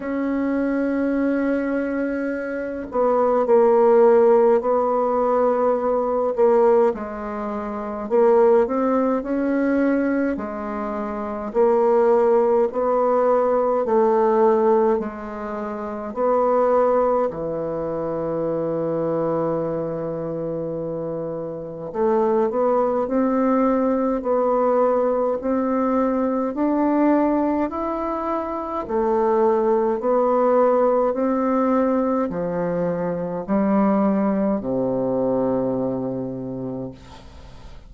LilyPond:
\new Staff \with { instrumentName = "bassoon" } { \time 4/4 \tempo 4 = 52 cis'2~ cis'8 b8 ais4 | b4. ais8 gis4 ais8 c'8 | cis'4 gis4 ais4 b4 | a4 gis4 b4 e4~ |
e2. a8 b8 | c'4 b4 c'4 d'4 | e'4 a4 b4 c'4 | f4 g4 c2 | }